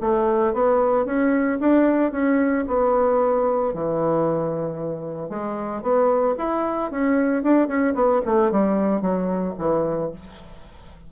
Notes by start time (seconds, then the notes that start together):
0.00 A3
0.53 B3
1.05 C#4
1.60 D4
2.11 C#4
2.67 B3
3.74 E3
5.29 G#3
5.82 B3
6.38 E4
6.91 C#4
7.43 D4
7.67 C#4
7.94 B3
8.25 A3
8.51 G3
9.01 F#3
9.58 E3